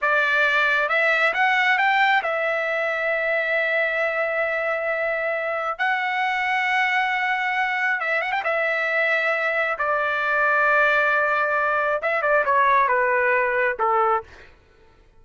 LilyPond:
\new Staff \with { instrumentName = "trumpet" } { \time 4/4 \tempo 4 = 135 d''2 e''4 fis''4 | g''4 e''2.~ | e''1~ | e''4 fis''2.~ |
fis''2 e''8 fis''16 g''16 e''4~ | e''2 d''2~ | d''2. e''8 d''8 | cis''4 b'2 a'4 | }